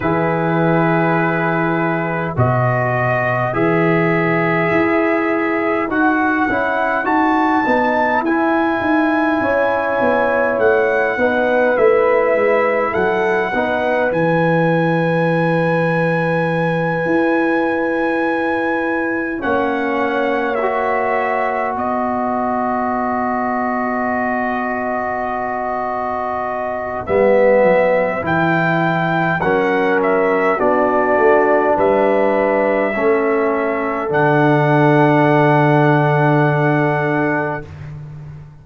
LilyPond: <<
  \new Staff \with { instrumentName = "trumpet" } { \time 4/4 \tempo 4 = 51 b'2 dis''4 e''4~ | e''4 fis''4 a''4 gis''4~ | gis''4 fis''4 e''4 fis''4 | gis''1~ |
gis''8 fis''4 e''4 dis''4.~ | dis''2. e''4 | g''4 fis''8 e''8 d''4 e''4~ | e''4 fis''2. | }
  \new Staff \with { instrumentName = "horn" } { \time 4/4 gis'2 b'2~ | b'1 | cis''4. b'4. a'8 b'8~ | b'1~ |
b'8 cis''2 b'4.~ | b'1~ | b'4 ais'4 fis'4 b'4 | a'1 | }
  \new Staff \with { instrumentName = "trombone" } { \time 4/4 e'2 fis'4 gis'4~ | gis'4 fis'8 e'8 fis'8 dis'8 e'4~ | e'4. dis'8 e'4. dis'8 | e'1~ |
e'8 cis'4 fis'2~ fis'8~ | fis'2. b4 | e'4 cis'4 d'2 | cis'4 d'2. | }
  \new Staff \with { instrumentName = "tuba" } { \time 4/4 e2 b,4 e4 | e'4 dis'8 cis'8 dis'8 b8 e'8 dis'8 | cis'8 b8 a8 b8 a8 gis8 fis8 b8 | e2~ e8 e'4.~ |
e'8 ais2 b4.~ | b2. g8 fis8 | e4 fis4 b8 a8 g4 | a4 d2. | }
>>